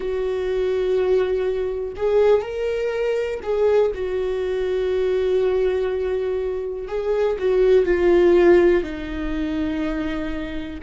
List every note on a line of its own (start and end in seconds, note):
0.00 1.93 F#4
1.96 2.41 G#4
2.41 3.40 A#4
3.42 3.91 G#4
3.94 6.88 F#4
6.88 7.37 G#4
7.38 7.85 F#4
7.85 8.83 F4
8.83 10.80 D#4